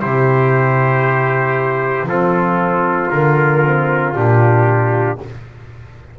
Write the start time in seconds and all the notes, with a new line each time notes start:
0.00 C3 E4 G4 C5
2.04 F3 F4 A4
2.10 C4
3.10 D3 A#3 A#4
3.66 C4
4.15 A#2 D4 G4